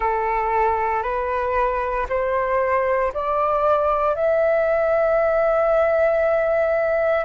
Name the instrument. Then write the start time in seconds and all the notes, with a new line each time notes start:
flute
0.00 A4
1.03 B4
2.09 C5
3.13 D5
4.15 E5